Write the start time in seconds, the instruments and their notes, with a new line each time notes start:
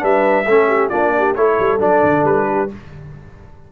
0.00 tuba G3, trombone D4, horn B4, trumpet E5
0.46 tuba A3, trombone C#4, horn A4
0.68 horn G4
0.90 tuba A#3, trombone D4, horn F4, trumpet D5
1.18 horn G4
1.35 tuba A3, trombone E4, horn A4, trumpet C#5
1.60 tuba G3
1.80 tuba F#3, trombone D4, trumpet D5
2.04 tuba D3
2.24 tuba G3, trumpet B4
2.50 horn G4